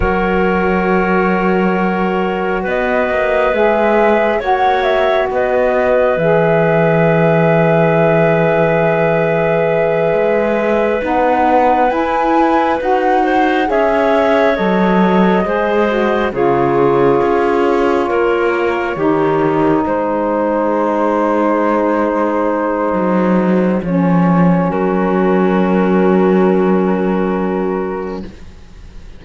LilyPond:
<<
  \new Staff \with { instrumentName = "flute" } { \time 4/4 \tempo 4 = 68 cis''2. dis''4 | e''4 fis''8 e''8 dis''4 e''4~ | e''1~ | e''8 fis''4 gis''4 fis''4 e''8~ |
e''8 dis''2 cis''4.~ | cis''2~ cis''8 c''4.~ | c''2. cis''4 | ais'1 | }
  \new Staff \with { instrumentName = "clarinet" } { \time 4/4 ais'2. b'4~ | b'4 cis''4 b'2~ | b'1~ | b'2. c''8 cis''8~ |
cis''4. c''4 gis'4.~ | gis'8 ais'4 g'4 gis'4.~ | gis'1 | fis'1 | }
  \new Staff \with { instrumentName = "saxophone" } { \time 4/4 fis'1 | gis'4 fis'2 gis'4~ | gis'1~ | gis'8 dis'4 e'4 fis'4 gis'8~ |
gis'8 a'4 gis'8 fis'8 f'4.~ | f'4. dis'2~ dis'8~ | dis'2. cis'4~ | cis'1 | }
  \new Staff \with { instrumentName = "cello" } { \time 4/4 fis2. b8 ais8 | gis4 ais4 b4 e4~ | e2.~ e8 gis8~ | gis8 b4 e'4 dis'4 cis'8~ |
cis'8 fis4 gis4 cis4 cis'8~ | cis'8 ais4 dis4 gis4.~ | gis2 fis4 f4 | fis1 | }
>>